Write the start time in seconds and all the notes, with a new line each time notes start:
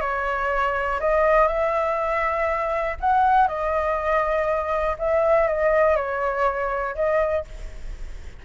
0.00 C#5
1.00 D#5
1.47 E5
3.00 F#5
3.47 D#5
4.98 E5
5.47 D#5
5.96 C#5
6.95 D#5